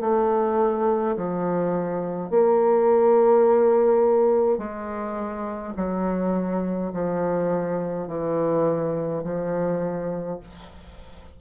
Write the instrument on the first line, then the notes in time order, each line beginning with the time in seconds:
bassoon
0.00 A3
1.16 F3
2.30 A#3
4.58 G#3
5.76 F#3
6.93 F3
8.08 E3
9.24 F3